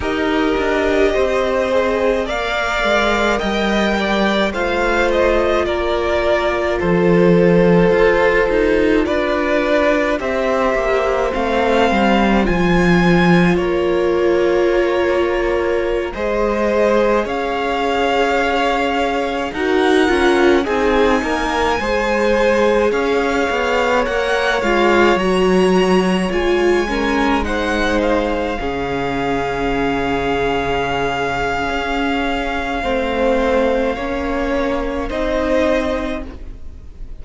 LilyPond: <<
  \new Staff \with { instrumentName = "violin" } { \time 4/4 \tempo 4 = 53 dis''2 f''4 g''4 | f''8 dis''8 d''4 c''2 | d''4 e''4 f''4 gis''4 | cis''2~ cis''16 dis''4 f''8.~ |
f''4~ f''16 fis''4 gis''4.~ gis''16~ | gis''16 f''4 fis''8 f''8 ais''4 gis''8.~ | gis''16 fis''8 f''2.~ f''16~ | f''2. dis''4 | }
  \new Staff \with { instrumentName = "violin" } { \time 4/4 ais'4 c''4 d''4 dis''8 d''8 | c''4 ais'4 a'2 | b'4 c''2. | ais'2~ ais'16 c''4 cis''8.~ |
cis''4~ cis''16 ais'4 gis'8 ais'8 c''8.~ | c''16 cis''2.~ cis''8 ais'16~ | ais'16 c''4 gis'2~ gis'8.~ | gis'4 c''4 cis''4 c''4 | }
  \new Staff \with { instrumentName = "viola" } { \time 4/4 g'4. gis'8 ais'2 | f'1~ | f'4 g'4 c'4 f'4~ | f'2~ f'16 gis'4.~ gis'16~ |
gis'4~ gis'16 fis'8 f'8 dis'4 gis'8.~ | gis'4~ gis'16 ais'8 f'8 fis'4 f'8 cis'16~ | cis'16 dis'4 cis'2~ cis'8.~ | cis'4 c'4 cis'4 dis'4 | }
  \new Staff \with { instrumentName = "cello" } { \time 4/4 dis'8 d'8 c'4 ais8 gis8 g4 | a4 ais4 f4 f'8 dis'8 | d'4 c'8 ais8 a8 g8 f4 | ais2~ ais16 gis4 cis'8.~ |
cis'4~ cis'16 dis'8 cis'8 c'8 ais8 gis8.~ | gis16 cis'8 b8 ais8 gis8 fis4 gis8.~ | gis4~ gis16 cis2~ cis8. | cis'4 a4 ais4 c'4 | }
>>